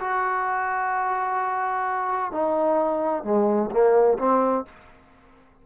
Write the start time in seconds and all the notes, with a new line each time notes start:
0.00 F#4
2.32 D#4
3.24 G#3
3.71 A#3
4.19 C4